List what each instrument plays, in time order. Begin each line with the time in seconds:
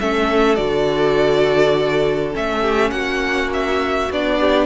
0.00 cello A3, viola C#4, violin A4 E5
0.56 cello D3, viola F#4, violin D5
2.32 cello A3, viola C#4, violin E5
2.61 violin G4
2.91 cello A#3, violin F#4 F#5
3.53 violin E5
4.10 cello B3, viola D4, violin D5
4.40 violin G4